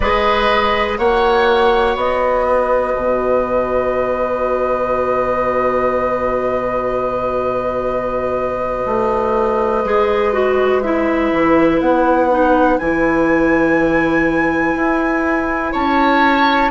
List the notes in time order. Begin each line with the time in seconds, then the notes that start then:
0.00 G#3 G#4 B4 D#5
0.98 A#3 F#4 C#5 F#5
1.96 B3 D#5
2.45 B4
2.94 B2
8.85 A3
9.84 G#3 G#4
10.33 F#4
10.81 E4 E5
11.32 E3
11.80 B3 F#5
12.30 D#4
12.77 E3 E4 G#5
14.75 E4
15.72 C#4 C#5 A5